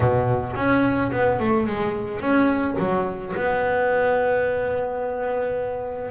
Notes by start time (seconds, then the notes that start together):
0.00 B2
0.56 C#4
1.11 B3
1.39 A3
1.67 G#3
2.20 C#4
2.79 F#3
3.35 B3